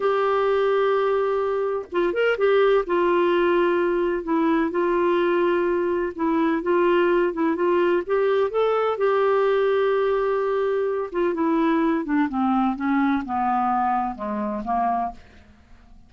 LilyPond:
\new Staff \with { instrumentName = "clarinet" } { \time 4/4 \tempo 4 = 127 g'1 | f'8 ais'8 g'4 f'2~ | f'4 e'4 f'2~ | f'4 e'4 f'4. e'8 |
f'4 g'4 a'4 g'4~ | g'2.~ g'8 f'8 | e'4. d'8 c'4 cis'4 | b2 gis4 ais4 | }